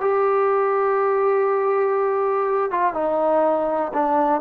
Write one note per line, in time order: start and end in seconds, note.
0.00 2.70 G4
2.70 2.93 F4
2.93 3.91 D#4
3.93 4.41 D4